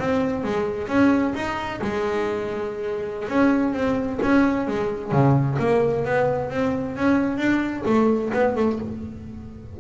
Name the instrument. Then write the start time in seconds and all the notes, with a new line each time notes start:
double bass
0.00 C4
0.44 G#3
0.88 C#4
1.35 D#4
1.82 G#3
3.29 C#4
3.74 C4
4.22 C#4
4.68 G#3
5.12 C#3
5.59 A#3
6.05 B3
6.51 C4
6.97 C#4
7.38 D4
7.86 A3
8.34 B3
8.56 A3